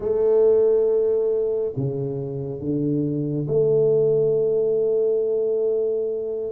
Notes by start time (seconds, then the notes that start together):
0.00 A3
1.76 C#3
2.59 D3
3.47 A3